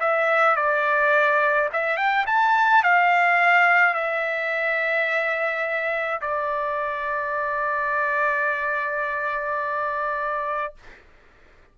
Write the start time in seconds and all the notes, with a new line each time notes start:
0.00 E5
0.57 D5
1.73 E5
1.98 G5
2.27 A5
2.84 F5
3.95 E5
6.22 D5